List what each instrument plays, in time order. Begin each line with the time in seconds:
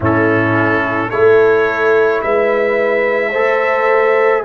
0.00 tuba A2, trombone C#4, horn E4, trumpet A4
1.09 tuba A3, trombone E4, horn A4, trumpet C#5
2.21 tuba G#3, horn B4, trumpet E5
3.30 tuba A3, trombone A4, horn C5